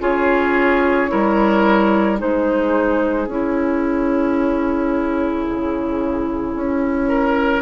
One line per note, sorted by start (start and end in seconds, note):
0.00 1.10 C#4
0.00 1.08 F4
0.00 1.10 G#4
0.00 2.18 C#5
1.08 2.21 G3
1.08 2.17 E4
1.08 2.19 A#4
2.17 3.27 G#3
2.17 3.27 D#4
2.17 7.08 G#4
2.17 3.29 C5
3.27 5.45 C#4
3.27 7.61 E4
3.27 7.61 C#5
5.49 6.55 C#3
6.55 7.61 C#4
7.08 7.61 A#4